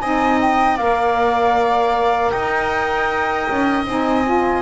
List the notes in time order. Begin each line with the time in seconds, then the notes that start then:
0.00 C4 D#4 D#5 G#5
0.41 G5
0.76 A#3 A#4 D5 F5
2.30 D#4 D#5 G5
3.50 C#4
3.86 C4 D#4 G#5
4.25 F4